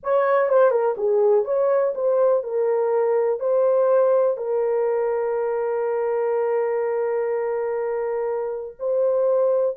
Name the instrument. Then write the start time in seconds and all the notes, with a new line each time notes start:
horn
0.03 C#5
0.49 C5
0.71 A#4
0.97 G#4
1.44 C#5
1.94 C5
2.43 A#4
3.39 C5
4.37 A#4
8.79 C5